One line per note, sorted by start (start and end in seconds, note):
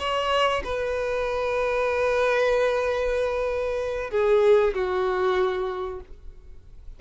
0.00 0.63 C#5
0.65 4.11 B4
4.11 4.74 G#4
4.75 6.01 F#4